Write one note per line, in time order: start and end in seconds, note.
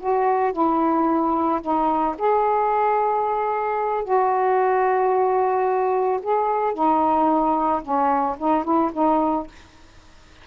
0.00 0.53 F#4
0.53 1.61 E4
1.62 2.16 D#4
2.18 4.04 G#4
4.04 6.20 F#4
6.23 6.74 G#4
6.74 7.82 D#4
7.82 8.36 C#4
8.38 8.64 D#4
8.64 8.91 E4
8.93 9.47 D#4